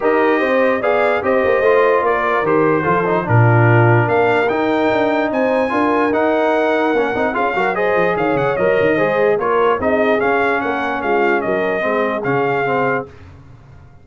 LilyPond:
<<
  \new Staff \with { instrumentName = "trumpet" } { \time 4/4 \tempo 4 = 147 dis''2 f''4 dis''4~ | dis''4 d''4 c''2 | ais'2 f''4 g''4~ | g''4 gis''2 fis''4~ |
fis''2 f''4 dis''4 | f''8 fis''8 dis''2 cis''4 | dis''4 f''4 fis''4 f''4 | dis''2 f''2 | }
  \new Staff \with { instrumentName = "horn" } { \time 4/4 ais'4 c''4 d''4 c''4~ | c''4 ais'2 a'4 | f'2 ais'2~ | ais'4 c''4 ais'2~ |
ais'2 gis'8 ais'8 c''4 | cis''2 c''4 ais'4 | gis'2 ais'4 f'4 | ais'4 gis'2. | }
  \new Staff \with { instrumentName = "trombone" } { \time 4/4 g'2 gis'4 g'4 | f'2 g'4 f'8 dis'8 | d'2. dis'4~ | dis'2 f'4 dis'4~ |
dis'4 cis'8 dis'8 f'8 fis'8 gis'4~ | gis'4 ais'4 gis'4 f'4 | dis'4 cis'2.~ | cis'4 c'4 cis'4 c'4 | }
  \new Staff \with { instrumentName = "tuba" } { \time 4/4 dis'4 c'4 b4 c'8 ais8 | a4 ais4 dis4 f4 | ais,2 ais4 dis'4 | d'4 c'4 d'4 dis'4~ |
dis'4 ais8 c'8 cis'8 fis4 f8 | dis8 cis8 fis8 dis8 gis4 ais4 | c'4 cis'4 ais4 gis4 | fis4 gis4 cis2 | }
>>